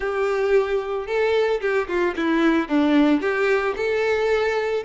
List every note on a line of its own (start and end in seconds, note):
0.00 1.07 G4
1.07 1.60 A4
1.60 1.87 G4
1.87 2.14 F4
2.16 2.68 E4
2.68 3.21 D4
3.21 3.74 G4
3.76 4.83 A4